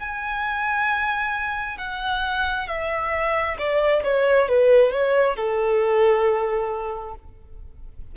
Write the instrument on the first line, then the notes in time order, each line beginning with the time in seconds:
violin
0.00 G#5
1.78 F#5
2.68 E5
3.59 D5
4.04 C#5
4.49 B4
4.92 C#5
5.36 A4